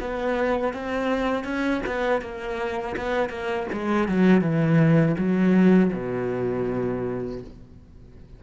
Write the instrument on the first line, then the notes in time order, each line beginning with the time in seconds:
cello
0.00 B3
0.73 C4
1.44 C#4
1.86 B3
2.21 A#3
2.96 B3
3.29 A#3
3.72 G#3
4.08 F#3
4.41 E3
5.18 F#3
5.93 B2